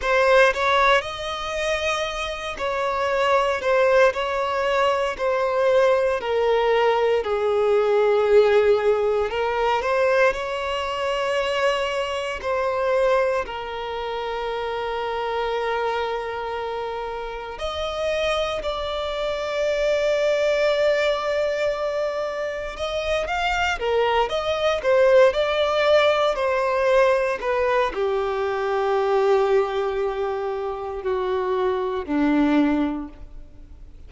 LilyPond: \new Staff \with { instrumentName = "violin" } { \time 4/4 \tempo 4 = 58 c''8 cis''8 dis''4. cis''4 c''8 | cis''4 c''4 ais'4 gis'4~ | gis'4 ais'8 c''8 cis''2 | c''4 ais'2.~ |
ais'4 dis''4 d''2~ | d''2 dis''8 f''8 ais'8 dis''8 | c''8 d''4 c''4 b'8 g'4~ | g'2 fis'4 d'4 | }